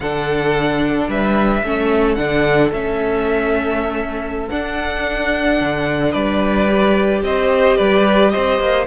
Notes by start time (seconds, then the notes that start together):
0.00 D3 D4 A4 F#5
1.08 G3 B4 E5
1.63 A3 C#4 A4
2.15 D3 D4 F#5
2.71 A3 C#4 E5
4.49 D4 F#5
5.61 D3
6.11 G3 B4 D5
6.68 G4
7.22 C4 C5 D#5
7.77 G3 B4 D5
8.30 C5 D#5
8.36 C4
8.59 A#3